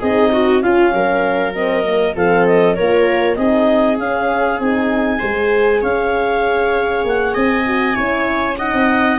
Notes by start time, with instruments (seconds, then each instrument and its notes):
0.00 tuba C4, horn D#4, viola G#4, clarinet D#5
0.33 viola F#4
0.61 horn C#4, tuba C#4, viola F4, clarinet F5
0.93 tuba F#3, viola A#4
1.54 horn C4, clarinet D#5
1.84 horn A#3
2.16 tuba F3, horn C4, viola A4, clarinet F5
2.47 clarinet D#5
2.75 tuba A#3, horn F4, viola A#4, clarinet C#5
3.36 tuba C4, horn D#4, viola G#4, clarinet D#5
3.99 horn C#4, tuba C#4, clarinet F5
4.59 tuba C4, horn D#4, clarinet G#5
5.19 tuba G#3, horn G#4, viola C5
5.81 tuba C#4, viola C#5, clarinet F5
7.04 tuba A#3, clarinet F#5
7.34 tuba C4, viola D#5, clarinet G#5
7.66 horn F#4
7.94 tuba C#4, horn E4, viola C#5
8.59 horn D#4, viola D#5, clarinet F#5
8.73 tuba C4